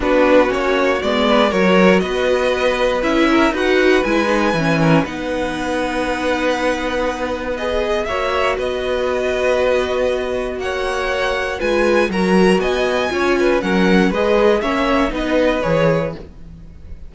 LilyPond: <<
  \new Staff \with { instrumentName = "violin" } { \time 4/4 \tempo 4 = 119 b'4 cis''4 d''4 cis''4 | dis''2 e''4 fis''4 | gis''2 fis''2~ | fis''2. dis''4 |
e''4 dis''2.~ | dis''4 fis''2 gis''4 | ais''4 gis''2 fis''4 | dis''4 e''4 dis''4 cis''4 | }
  \new Staff \with { instrumentName = "violin" } { \time 4/4 fis'2~ fis'8 b'8 ais'4 | b'2~ b'8 ais'8 b'4~ | b'4. ais'8 b'2~ | b'1 |
cis''4 b'2.~ | b'4 cis''2 b'4 | ais'4 dis''4 cis''8 b'8 ais'4 | b'4 cis''4 b'2 | }
  \new Staff \with { instrumentName = "viola" } { \time 4/4 d'4 cis'4 b4 fis'4~ | fis'2 e'4 fis'4 | e'8 dis'8 cis'4 dis'2~ | dis'2. gis'4 |
fis'1~ | fis'2. f'4 | fis'2 f'4 cis'4 | gis'4 cis'4 dis'4 gis'4 | }
  \new Staff \with { instrumentName = "cello" } { \time 4/4 b4 ais4 gis4 fis4 | b2 cis'4 dis'4 | gis4 e4 b2~ | b1 |
ais4 b2.~ | b4 ais2 gis4 | fis4 b4 cis'4 fis4 | gis4 ais4 b4 e4 | }
>>